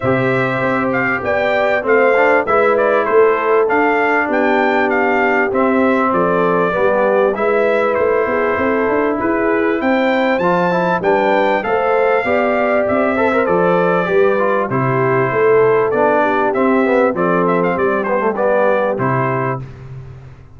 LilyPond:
<<
  \new Staff \with { instrumentName = "trumpet" } { \time 4/4 \tempo 4 = 98 e''4. f''8 g''4 f''4 | e''8 d''8 c''4 f''4 g''4 | f''4 e''4 d''2 | e''4 c''2 b'4 |
g''4 a''4 g''4 f''4~ | f''4 e''4 d''2 | c''2 d''4 e''4 | d''8 e''16 f''16 d''8 c''8 d''4 c''4 | }
  \new Staff \with { instrumentName = "horn" } { \time 4/4 c''2 d''4 c''4 | b'4 a'2 g'4~ | g'2 a'4 g'4 | b'4. gis'8 a'4 gis'4 |
c''2 b'4 c''4 | d''4. c''4. b'4 | g'4 a'4. g'4. | a'4 g'2. | }
  \new Staff \with { instrumentName = "trombone" } { \time 4/4 g'2. c'8 d'8 | e'2 d'2~ | d'4 c'2 b4 | e'1~ |
e'4 f'8 e'8 d'4 a'4 | g'4. a'16 ais'16 a'4 g'8 f'8 | e'2 d'4 c'8 b8 | c'4. b16 a16 b4 e'4 | }
  \new Staff \with { instrumentName = "tuba" } { \time 4/4 c4 c'4 b4 a4 | gis4 a4 d'4 b4~ | b4 c'4 f4 g4 | gis4 a8 b8 c'8 d'8 e'4 |
c'4 f4 g4 a4 | b4 c'4 f4 g4 | c4 a4 b4 c'4 | f4 g2 c4 | }
>>